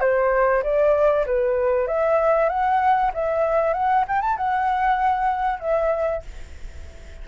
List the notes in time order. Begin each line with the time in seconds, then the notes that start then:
0.00 C5
0.62 D5
1.26 B4
1.87 E5
2.49 F#5
3.14 E5
3.73 F#5
4.07 G5
4.21 A5
4.37 F#5
5.59 E5